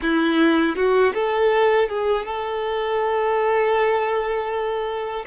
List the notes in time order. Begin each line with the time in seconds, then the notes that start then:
0.02 E4
0.75 F#4
1.14 A4
1.89 G#4
2.25 A4